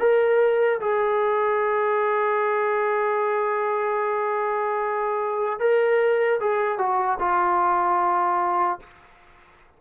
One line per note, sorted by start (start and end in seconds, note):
0.00 0.80 A#4
0.80 5.60 G#4
5.60 6.40 A#4
6.40 6.78 G#4
6.78 7.18 F#4
7.20 8.80 F4